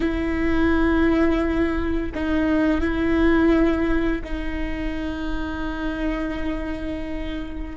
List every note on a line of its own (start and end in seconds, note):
0.00 2.12 E4
2.14 2.80 D#4
2.80 4.22 E4
4.24 7.76 D#4